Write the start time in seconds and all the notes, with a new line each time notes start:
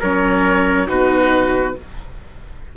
0.00 F#3 C#4 A#4 C#5
0.87 B2 D#4 F#4 B4